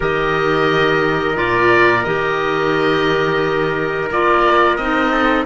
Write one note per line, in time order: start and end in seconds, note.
0.00 1.37 D#3
0.00 1.35 G4
0.00 5.11 A#4
0.00 1.36 D#5
1.35 2.05 A#2
1.35 2.03 F4
1.35 2.04 D5
2.04 4.11 D#3
2.04 4.10 G4
2.04 4.08 D#5
4.11 4.78 A#3
4.11 4.79 F4
4.11 4.76 D5
4.76 5.46 C4
4.76 5.46 D#4
4.76 5.44 D#5
5.11 5.45 A4